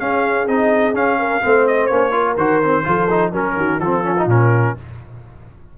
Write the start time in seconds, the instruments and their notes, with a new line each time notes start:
0.00 trombone C#4, tuba C#4, horn G#4, trumpet F5
0.48 tuba C4, trombone D#4, trumpet D#5
0.94 tuba C#4, trombone C#4, trumpet F5
1.19 horn A#4
1.43 tuba A3, trombone C4, horn C5
1.67 trumpet D#5
1.87 tuba A#3, trombone C#4, trumpet C#5
2.12 trombone F4, horn A#4
2.37 tuba D#3, trombone F#4, trumpet C5
2.63 trombone C4
2.84 tuba F3, trombone F4, horn A4
3.10 trombone D#4
3.32 tuba F#3, trombone C#4, horn A#4, trumpet A#4
3.56 tuba D#3, horn F#4
3.80 tuba F3, trombone C4, horn F4, trumpet A4
4.04 trombone C#4
4.18 trombone D#4
4.26 tuba A#2, trombone C#4, trumpet A#4